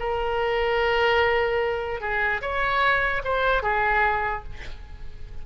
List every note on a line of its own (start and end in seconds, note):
0.00 2.01 A#4
2.01 2.41 G#4
2.42 3.23 C#5
3.25 3.63 C5
3.63 4.44 G#4